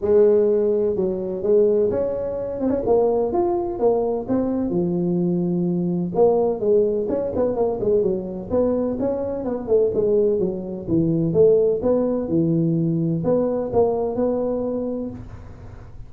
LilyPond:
\new Staff \with { instrumentName = "tuba" } { \time 4/4 \tempo 4 = 127 gis2 fis4 gis4 | cis'4. c'16 cis'16 ais4 f'4 | ais4 c'4 f2~ | f4 ais4 gis4 cis'8 b8 |
ais8 gis8 fis4 b4 cis'4 | b8 a8 gis4 fis4 e4 | a4 b4 e2 | b4 ais4 b2 | }